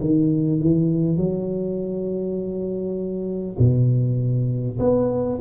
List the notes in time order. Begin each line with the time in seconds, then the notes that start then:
0.00 D#3
0.61 E3
1.17 F#3
3.59 B2
4.79 B3